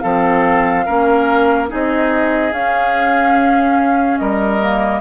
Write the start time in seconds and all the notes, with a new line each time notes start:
0.00 F3 C4 A4 F5
0.86 A#3 C#4 A#4
1.68 C4 D#4 G#4 D#5
2.52 C#4 F5
4.18 G3 A#4 D#5
4.61 A#3